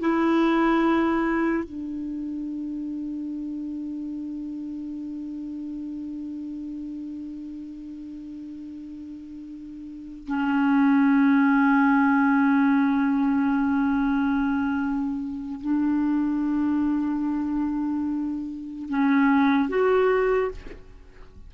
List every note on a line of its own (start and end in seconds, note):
0.00 1.64 E4
1.64 10.27 D4
10.27 15.61 C#4
15.61 18.89 D4
18.90 19.69 C#4
19.69 20.51 F#4